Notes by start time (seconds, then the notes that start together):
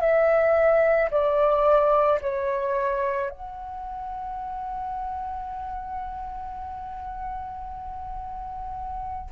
0.00 E5
1.11 D5
2.21 C#5
3.30 F#5